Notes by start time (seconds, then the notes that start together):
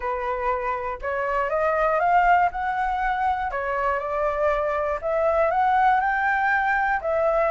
0.00 B4
1.01 C#5
1.49 D#5
1.99 F5
2.51 F#5
3.51 C#5
3.99 D5
5.01 E5
5.50 F#5
6.00 G5
7.01 E5